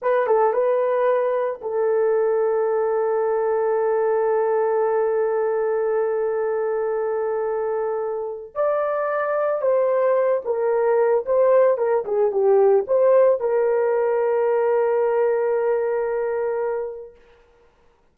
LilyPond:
\new Staff \with { instrumentName = "horn" } { \time 4/4 \tempo 4 = 112 b'8 a'8 b'2 a'4~ | a'1~ | a'1~ | a'1 |
d''2 c''4. ais'8~ | ais'4 c''4 ais'8 gis'8 g'4 | c''4 ais'2.~ | ais'1 | }